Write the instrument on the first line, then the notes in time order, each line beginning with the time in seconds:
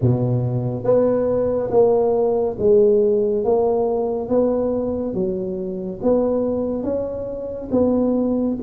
tuba
0.01 B2
0.84 B3
1.71 A#3
2.58 G#3
3.44 A#3
4.29 B3
5.14 F#3
6.02 B3
6.83 C#4
7.71 B3